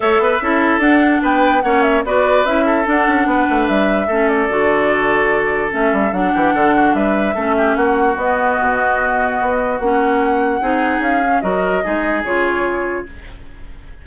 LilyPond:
<<
  \new Staff \with { instrumentName = "flute" } { \time 4/4 \tempo 4 = 147 e''2 fis''4 g''4 | fis''8 e''8 d''4 e''4 fis''4~ | fis''4 e''4. d''4.~ | d''2 e''4 fis''4~ |
fis''4 e''2 fis''4 | dis''1 | fis''2. f''4 | dis''2 cis''2 | }
  \new Staff \with { instrumentName = "oboe" } { \time 4/4 cis''8 b'8 a'2 b'4 | cis''4 b'4. a'4. | b'2 a'2~ | a'2.~ a'8 g'8 |
a'8 fis'8 b'4 a'8 g'8 fis'4~ | fis'1~ | fis'2 gis'2 | ais'4 gis'2. | }
  \new Staff \with { instrumentName = "clarinet" } { \time 4/4 a'4 e'4 d'2 | cis'4 fis'4 e'4 d'4~ | d'2 cis'4 fis'4~ | fis'2 cis'4 d'4~ |
d'2 cis'2 | b1 | cis'2 dis'4. cis'8 | fis'4 dis'4 f'2 | }
  \new Staff \with { instrumentName = "bassoon" } { \time 4/4 a8 b8 cis'4 d'4 b4 | ais4 b4 cis'4 d'8 cis'8 | b8 a8 g4 a4 d4~ | d2 a8 g8 fis8 e8 |
d4 g4 a4 ais4 | b4 b,2 b4 | ais2 c'4 cis'4 | fis4 gis4 cis2 | }
>>